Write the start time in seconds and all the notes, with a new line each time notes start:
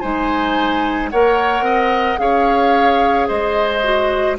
0.00 G#3 D#4 C5 G#5
1.10 A#3 A#4 C#5 F#5
1.61 C4 D#5
2.18 C#4 G#4 C#5 F5
3.28 G#3 C5 D#5
3.83 F#4